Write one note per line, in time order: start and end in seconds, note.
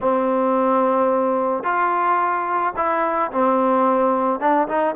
0.00 1.63 C4
1.63 2.73 F4
2.76 3.31 E4
3.31 4.40 C4
4.40 4.67 D4
4.67 4.95 D#4